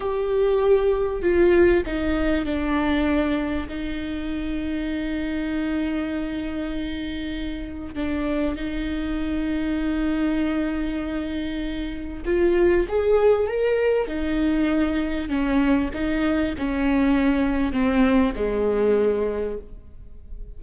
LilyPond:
\new Staff \with { instrumentName = "viola" } { \time 4/4 \tempo 4 = 98 g'2 f'4 dis'4 | d'2 dis'2~ | dis'1~ | dis'4 d'4 dis'2~ |
dis'1 | f'4 gis'4 ais'4 dis'4~ | dis'4 cis'4 dis'4 cis'4~ | cis'4 c'4 gis2 | }